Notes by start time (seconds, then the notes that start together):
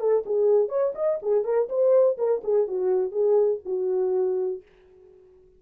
0.00 A4
0.26 G#4
0.69 C#5
0.95 D#5
1.23 G#4
1.45 A#4
1.70 C5
2.18 A#4
2.44 G#4
2.68 F#4
3.12 G#4
3.66 F#4